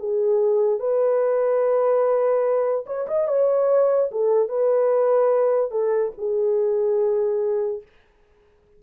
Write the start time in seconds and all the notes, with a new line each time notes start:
0.00 G#4
0.80 B4
2.87 C#5
3.08 D#5
3.28 C#5
4.12 A4
4.49 B4
5.72 A4
6.18 G#4